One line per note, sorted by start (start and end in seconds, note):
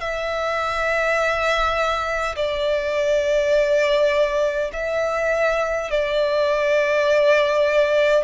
0.00 2.35 E5
2.36 4.71 D5
4.73 5.91 E5
5.91 8.24 D5